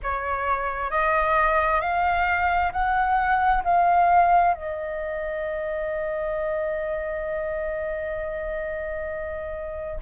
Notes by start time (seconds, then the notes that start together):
0.02 C#5
0.90 D#5
1.81 F5
2.72 F#5
3.64 F5
4.54 D#5